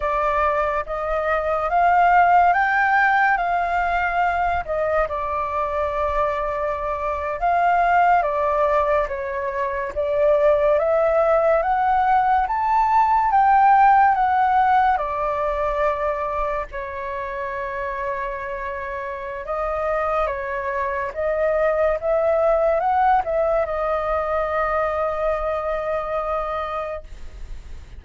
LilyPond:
\new Staff \with { instrumentName = "flute" } { \time 4/4 \tempo 4 = 71 d''4 dis''4 f''4 g''4 | f''4. dis''8 d''2~ | d''8. f''4 d''4 cis''4 d''16~ | d''8. e''4 fis''4 a''4 g''16~ |
g''8. fis''4 d''2 cis''16~ | cis''2. dis''4 | cis''4 dis''4 e''4 fis''8 e''8 | dis''1 | }